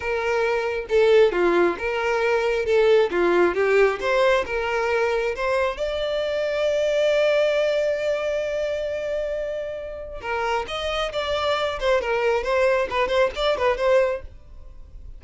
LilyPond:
\new Staff \with { instrumentName = "violin" } { \time 4/4 \tempo 4 = 135 ais'2 a'4 f'4 | ais'2 a'4 f'4 | g'4 c''4 ais'2 | c''4 d''2.~ |
d''1~ | d''2. ais'4 | dis''4 d''4. c''8 ais'4 | c''4 b'8 c''8 d''8 b'8 c''4 | }